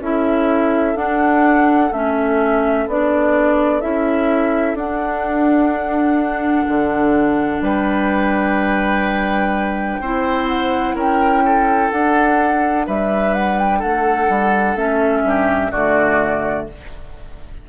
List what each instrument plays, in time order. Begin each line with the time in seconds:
0.00 bassoon C#4, clarinet E4, oboe A4, flute E5
0.95 bassoon D4, clarinet D4, flute F#5
1.91 bassoon A3, clarinet C#4, flute E5
2.87 bassoon B3, clarinet D4, flute D5
3.81 bassoon C#4, clarinet E4, flute E5
4.74 bassoon D4, clarinet D4, flute F#5
6.67 bassoon D3
7.61 bassoon G3, oboe B4, flute G5
10.00 bassoon C4, clarinet E4, oboe C5
10.48 flute F#5
10.95 bassoon C#4, oboe A#4, flute G5
11.45 oboe A4
11.90 bassoon D4, clarinet D4, flute F#5
12.86 bassoon G3, oboe B4, flute E5
13.34 flute F#5
13.58 flute G5
13.79 bassoon A3, oboe A4, flute F#5
14.29 bassoon G3
14.75 bassoon A3, clarinet C#4, flute E5
15.23 bassoon G2, oboe G4
15.71 bassoon D3, clarinet A3, oboe F#4, flute D5